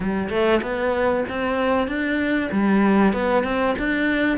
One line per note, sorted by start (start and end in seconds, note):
0.00 0.29 G3
0.29 0.61 A3
0.62 1.24 B3
1.29 1.87 C4
1.87 2.50 D4
2.51 3.13 G3
3.13 3.43 B3
3.43 3.75 C4
3.78 4.38 D4